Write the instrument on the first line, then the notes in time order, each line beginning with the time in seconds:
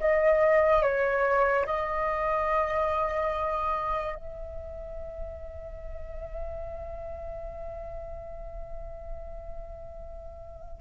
flute
0.00 D#5
0.82 C#5
1.66 D#5
4.15 E5